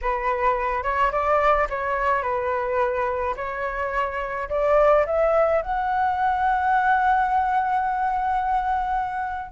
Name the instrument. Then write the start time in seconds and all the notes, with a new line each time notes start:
flute
0.01 B4
0.83 C#5
1.11 D5
1.69 C#5
2.22 B4
3.36 C#5
4.49 D5
5.06 E5
5.62 F#5